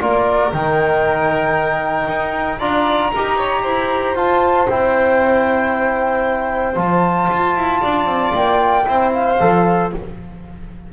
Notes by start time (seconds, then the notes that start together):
0.00 A#3 F4 A#4 D5
0.52 D#3 D#4 G5
2.08 D#4
2.59 D4 F4 D5 A#5
3.12 D#4 G4 A#4
3.38 C#5
3.63 E4 C5
4.15 F4 A5
4.69 C4 E4 G5
6.75 F3 F4 A5
7.31 F4
7.56 E4
7.81 D4 D5
8.06 C4
8.34 A#3 G5
8.85 C4 E4 C5
9.13 F5
9.40 F3 A4